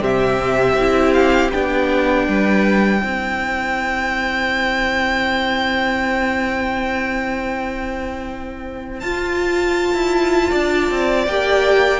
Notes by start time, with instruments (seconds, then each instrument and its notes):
0.00 cello C3, viola C4, violin G4 E5
0.74 cello C4, viola E4
1.13 violin F5
1.52 cello B3, viola D4, violin G5
2.27 cello G3, violin B4
3.00 cello C4, viola E4, violin C5
8.99 cello F4, viola F4, violin A5
9.94 cello E4
10.50 cello D4, violin D5
10.91 cello C4
11.27 cello A#3, viola G4, violin G5